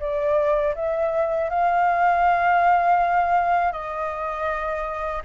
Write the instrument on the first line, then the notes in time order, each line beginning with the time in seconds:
flute
0.00 D5
0.76 E5
1.50 F5
3.73 D#5